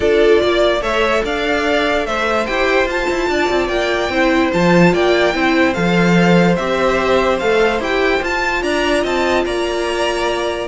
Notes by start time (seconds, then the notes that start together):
0.00 D4 F4 A4 D5
0.41 A#3 D5
0.81 A3 A4 C#5 E5
1.24 D4 D5 F5
2.05 A3 C5 E5
2.46 E4 G4 G5
2.86 F4 A5
3.10 E4
3.28 D4 D5
3.49 C4
3.68 A#3 G5
4.08 C4 E4 C5
4.52 F3 F4 A5
4.93 A#3 D5 G5
5.33 C4 E4 C5
5.73 F3 A4 F5
6.56 C4 G4 E5
7.38 A3 A4 F5
7.79 E4 G4 G5
8.22 F4 A5
8.62 D4 D5 A#5
9.03 C4 D#5 A5
9.45 A#3 D5 A#5